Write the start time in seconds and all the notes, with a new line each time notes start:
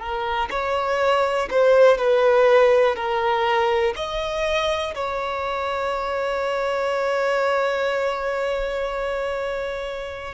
0.00 A#4
0.51 C#5
1.51 C5
1.98 B4
2.96 A#4
3.96 D#5
4.95 C#5